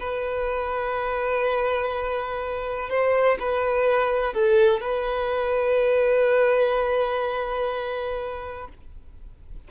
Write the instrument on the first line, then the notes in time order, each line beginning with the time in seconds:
violin
0.00 B4
2.89 C5
3.40 B4
4.34 A4
4.81 B4